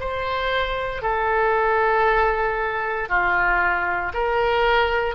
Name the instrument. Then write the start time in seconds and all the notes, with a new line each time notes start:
oboe
0.00 C5
1.02 A4
3.09 F4
4.13 A#4